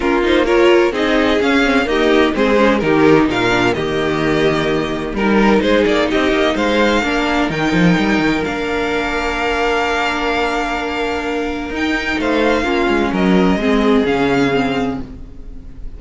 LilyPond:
<<
  \new Staff \with { instrumentName = "violin" } { \time 4/4 \tempo 4 = 128 ais'8 c''8 cis''4 dis''4 f''4 | dis''4 c''4 ais'4 f''4 | dis''2. ais'4 | c''8 d''8 dis''4 f''2 |
g''2 f''2~ | f''1~ | f''4 g''4 f''2 | dis''2 f''2 | }
  \new Staff \with { instrumentName = "violin" } { \time 4/4 f'4 ais'4 gis'2 | g'4 gis'4 g'4 ais'4 | g'2. ais'4 | gis'4 g'4 c''4 ais'4~ |
ais'1~ | ais'1~ | ais'2 c''4 f'4 | ais'4 gis'2. | }
  \new Staff \with { instrumentName = "viola" } { \time 4/4 cis'8 dis'8 f'4 dis'4 cis'8 c'8 | ais4 c'8 cis'8 dis'4. d'8 | ais2. dis'4~ | dis'2. d'4 |
dis'2 d'2~ | d'1~ | d'4 dis'2 cis'4~ | cis'4 c'4 cis'4 c'4 | }
  \new Staff \with { instrumentName = "cello" } { \time 4/4 ais2 c'4 cis'4 | dis'4 gis4 dis4 ais,4 | dis2. g4 | gis8 ais8 c'8 ais8 gis4 ais4 |
dis8 f8 g8 dis8 ais2~ | ais1~ | ais4 dis'4 a4 ais8 gis8 | fis4 gis4 cis2 | }
>>